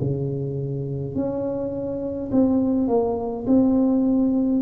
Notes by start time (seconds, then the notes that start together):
0.00 C#3
1.15 C#4
2.31 C4
2.87 A#3
3.46 C4